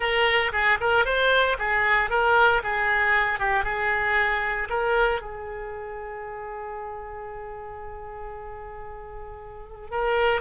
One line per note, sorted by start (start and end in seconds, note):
0.00 0.51 A#4
0.52 0.78 G#4
0.80 1.05 A#4
1.05 1.57 C5
1.59 2.10 G#4
2.10 2.62 A#4
2.63 3.39 G#4
3.39 3.64 G4
3.64 4.68 G#4
4.69 5.21 A#4
5.21 9.90 G#4
9.91 10.41 A#4